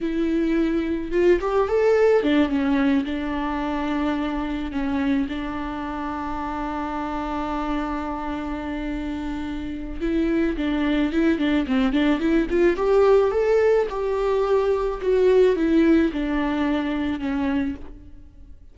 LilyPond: \new Staff \with { instrumentName = "viola" } { \time 4/4 \tempo 4 = 108 e'2 f'8 g'8 a'4 | d'8 cis'4 d'2~ d'8~ | d'8 cis'4 d'2~ d'8~ | d'1~ |
d'2 e'4 d'4 | e'8 d'8 c'8 d'8 e'8 f'8 g'4 | a'4 g'2 fis'4 | e'4 d'2 cis'4 | }